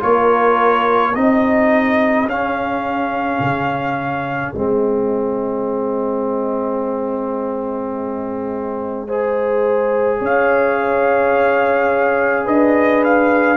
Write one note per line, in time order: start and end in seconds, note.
0.00 1.15 A#3
0.00 1.13 F4
0.00 1.12 A#4
0.00 1.15 C#5
1.12 2.26 C4
1.12 2.28 D#4
1.12 9.05 G#4
1.12 2.28 D#5
2.26 3.39 C#4
2.26 4.54 C#4
2.26 4.53 F5
3.40 4.53 C#3
4.53 10.21 G#3
4.53 9.07 C4
4.53 10.19 D#5
9.07 13.57 G#4
9.07 10.19 C5
10.19 12.47 C#4
10.19 12.45 C#5
10.19 12.47 F5
12.45 13.57 D4
12.45 13.57 B4
12.45 13.04 D#5
13.04 13.57 F5